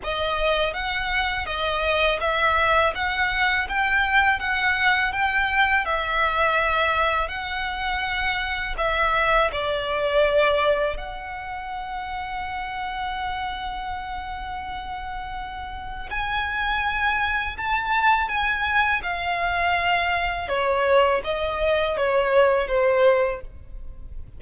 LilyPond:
\new Staff \with { instrumentName = "violin" } { \time 4/4 \tempo 4 = 82 dis''4 fis''4 dis''4 e''4 | fis''4 g''4 fis''4 g''4 | e''2 fis''2 | e''4 d''2 fis''4~ |
fis''1~ | fis''2 gis''2 | a''4 gis''4 f''2 | cis''4 dis''4 cis''4 c''4 | }